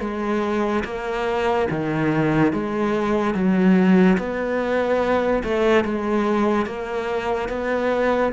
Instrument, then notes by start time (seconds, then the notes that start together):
cello
0.00 G#3
0.84 A#3
1.70 D#3
2.53 G#3
3.34 F#3
4.17 B3
5.43 A3
5.84 G#3
6.66 A#3
7.48 B3